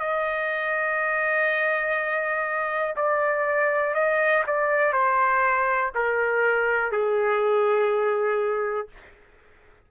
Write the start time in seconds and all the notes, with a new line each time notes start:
0.00 D#5
2.96 D5
3.95 D#5
4.48 D5
4.93 C5
5.96 A#4
6.92 G#4